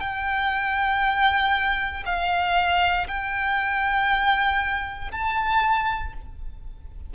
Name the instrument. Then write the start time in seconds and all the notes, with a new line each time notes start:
violin
0.00 G5
2.05 F5
3.07 G5
5.11 A5